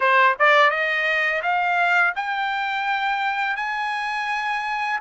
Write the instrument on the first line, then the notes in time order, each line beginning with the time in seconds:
trumpet
0.00 C5
0.39 D5
0.70 D#5
1.42 F5
2.15 G5
3.56 G#5